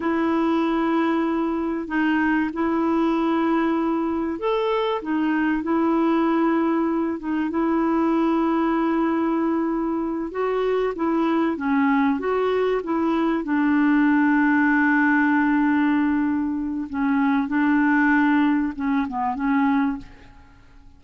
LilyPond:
\new Staff \with { instrumentName = "clarinet" } { \time 4/4 \tempo 4 = 96 e'2. dis'4 | e'2. a'4 | dis'4 e'2~ e'8 dis'8 | e'1~ |
e'8 fis'4 e'4 cis'4 fis'8~ | fis'8 e'4 d'2~ d'8~ | d'2. cis'4 | d'2 cis'8 b8 cis'4 | }